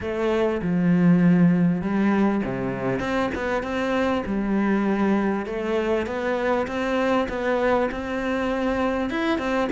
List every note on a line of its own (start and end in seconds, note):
0.00 0.61 A3
0.62 1.81 F3
1.81 2.42 G3
2.44 2.99 C3
2.99 3.30 C4
3.34 3.62 B3
3.62 4.23 C4
4.26 5.45 G3
5.45 6.06 A3
6.06 6.67 B3
6.67 7.27 C4
7.28 7.89 B3
7.91 9.10 C4
9.10 9.38 E4
9.38 9.68 C4